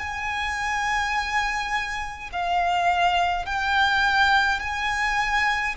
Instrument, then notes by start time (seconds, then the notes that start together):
violin
0.00 G#5
2.33 F5
3.46 G5
4.60 G#5